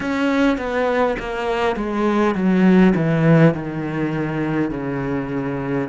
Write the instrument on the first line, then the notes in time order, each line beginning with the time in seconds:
cello
0.00 C#4
0.57 B3
1.19 A#3
1.75 G#3
2.34 F#3
2.95 E3
3.53 D#3
4.71 C#3